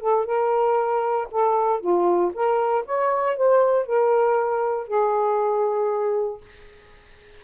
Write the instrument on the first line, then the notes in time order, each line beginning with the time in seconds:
saxophone
0.00 A4
0.25 A#4
1.31 A4
1.80 F4
2.33 A#4
2.85 C#5
3.36 C5
3.86 A#4
4.87 G#4